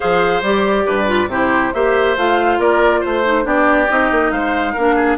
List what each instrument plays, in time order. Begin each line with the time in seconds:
0.00 bassoon F3, clarinet G#4, oboe C5, flute F5
0.42 bassoon G3, clarinet G4, flute D5
0.86 bassoon G2, oboe B4
1.06 clarinet F4
1.27 bassoon C3, clarinet E4, oboe G4, flute C5
1.73 bassoon A#3, clarinet G4, oboe C5, flute E5
2.17 bassoon A3, clarinet F4, flute F5
2.58 bassoon A#3, oboe A#4, flute D5
3.00 bassoon A3, oboe C5, flute C5
3.24 clarinet D#4
3.43 bassoon B3, clarinet D4, oboe G4, flute D5
3.89 bassoon C4, clarinet D#4, flute D#5
4.11 bassoon A#3
4.31 bassoon G#3, oboe C5, flute F5
4.73 bassoon A#3, clarinet D4, oboe A#4
4.95 oboe G#4